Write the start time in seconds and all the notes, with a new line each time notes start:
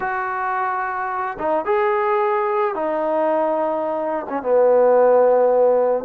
0.00 F#4
1.38 D#4
1.65 G#4
2.74 D#4
4.29 C#4
4.42 B3